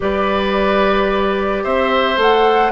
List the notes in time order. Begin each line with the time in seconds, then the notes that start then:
0.00 G3 G4 B4 D5
1.63 C4 C5 E5
2.16 A3 A4 F#5